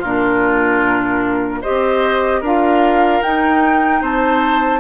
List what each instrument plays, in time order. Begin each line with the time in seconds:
0.00 bassoon A#2, clarinet D4, oboe F4, flute A#4
1.62 clarinet G4, oboe C5, flute D#5
1.69 bassoon C4
2.41 bassoon D4, clarinet F4, oboe A#4, flute F5
3.23 bassoon D#4, clarinet D#4, flute G5
4.02 bassoon C4, oboe C5, flute A5